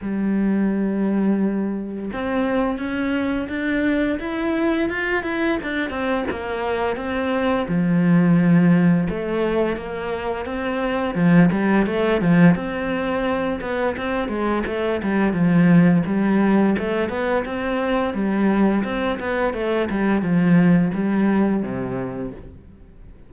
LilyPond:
\new Staff \with { instrumentName = "cello" } { \time 4/4 \tempo 4 = 86 g2. c'4 | cis'4 d'4 e'4 f'8 e'8 | d'8 c'8 ais4 c'4 f4~ | f4 a4 ais4 c'4 |
f8 g8 a8 f8 c'4. b8 | c'8 gis8 a8 g8 f4 g4 | a8 b8 c'4 g4 c'8 b8 | a8 g8 f4 g4 c4 | }